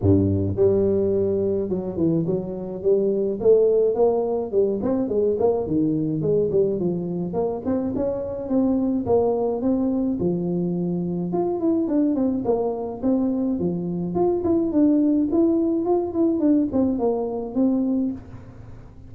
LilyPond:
\new Staff \with { instrumentName = "tuba" } { \time 4/4 \tempo 4 = 106 g,4 g2 fis8 e8 | fis4 g4 a4 ais4 | g8 c'8 gis8 ais8 dis4 gis8 g8 | f4 ais8 c'8 cis'4 c'4 |
ais4 c'4 f2 | f'8 e'8 d'8 c'8 ais4 c'4 | f4 f'8 e'8 d'4 e'4 | f'8 e'8 d'8 c'8 ais4 c'4 | }